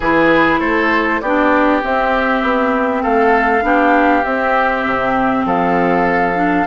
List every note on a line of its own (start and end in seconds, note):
0.00 0.60 E3
0.00 1.23 E4
0.00 0.60 G#4
0.00 0.60 B4
0.60 1.20 A3
0.60 1.20 A4
0.60 1.20 C5
1.20 1.82 B3
1.20 1.81 D4
1.20 3.02 G4
1.20 1.81 D5
1.81 3.62 C4
1.81 2.42 C4
1.81 3.02 E5
2.42 3.03 B3
3.02 3.62 A3
3.02 3.63 A4
3.02 4.24 F5
3.62 4.23 B3
3.62 4.22 D4
3.62 5.45 G4
4.24 4.85 C4
4.24 6.34 C4
4.24 5.45 E5
4.85 5.45 C3
5.45 6.66 F3
5.45 6.67 A4
5.45 6.67 F5
6.34 6.65 D4